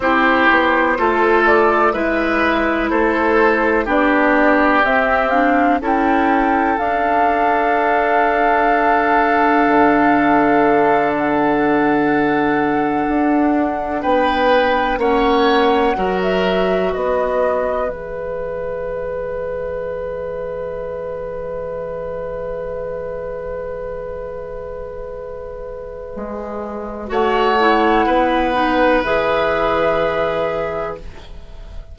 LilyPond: <<
  \new Staff \with { instrumentName = "flute" } { \time 4/4 \tempo 4 = 62 c''4. d''8 e''4 c''4 | d''4 e''8 f''8 g''4 f''4~ | f''2.~ f''8 fis''8~ | fis''2~ fis''8 g''4 fis''8~ |
fis''8. e''8. dis''4 e''4.~ | e''1~ | e''1 | fis''2 e''2 | }
  \new Staff \with { instrumentName = "oboe" } { \time 4/4 g'4 a'4 b'4 a'4 | g'2 a'2~ | a'1~ | a'2~ a'8 b'4 cis''8~ |
cis''8 ais'4 b'2~ b'8~ | b'1~ | b'1 | cis''4 b'2. | }
  \new Staff \with { instrumentName = "clarinet" } { \time 4/4 e'4 f'4 e'2 | d'4 c'8 d'8 e'4 d'4~ | d'1~ | d'2.~ d'8 cis'8~ |
cis'8 fis'2 gis'4.~ | gis'1~ | gis'1 | fis'8 e'4 dis'8 gis'2 | }
  \new Staff \with { instrumentName = "bassoon" } { \time 4/4 c'8 b8 a4 gis4 a4 | b4 c'4 cis'4 d'4~ | d'2 d2~ | d4. d'4 b4 ais8~ |
ais8 fis4 b4 e4.~ | e1~ | e2. gis4 | a4 b4 e2 | }
>>